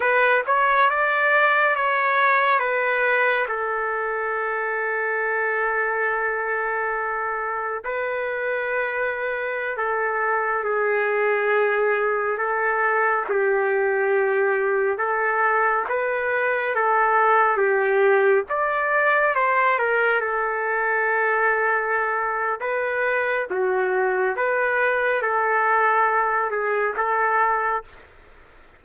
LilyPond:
\new Staff \with { instrumentName = "trumpet" } { \time 4/4 \tempo 4 = 69 b'8 cis''8 d''4 cis''4 b'4 | a'1~ | a'4 b'2~ b'16 a'8.~ | a'16 gis'2 a'4 g'8.~ |
g'4~ g'16 a'4 b'4 a'8.~ | a'16 g'4 d''4 c''8 ais'8 a'8.~ | a'2 b'4 fis'4 | b'4 a'4. gis'8 a'4 | }